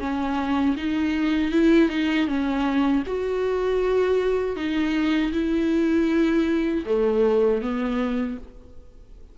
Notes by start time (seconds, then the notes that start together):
0.00 C#4
0.77 D#4
1.52 E4
1.90 D#4
2.28 C#4
3.07 F#4
4.56 D#4
5.33 E4
6.86 A3
7.62 B3